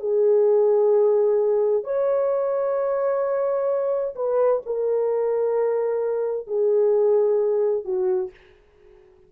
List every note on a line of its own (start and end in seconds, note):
0.00 1.84 G#4
1.84 4.15 C#5
4.15 4.62 B4
4.66 6.47 A#4
6.47 7.85 G#4
7.85 8.31 F#4